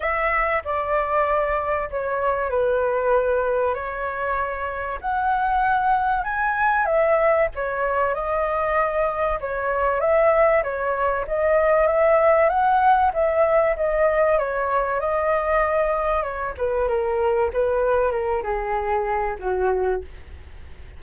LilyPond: \new Staff \with { instrumentName = "flute" } { \time 4/4 \tempo 4 = 96 e''4 d''2 cis''4 | b'2 cis''2 | fis''2 gis''4 e''4 | cis''4 dis''2 cis''4 |
e''4 cis''4 dis''4 e''4 | fis''4 e''4 dis''4 cis''4 | dis''2 cis''8 b'8 ais'4 | b'4 ais'8 gis'4. fis'4 | }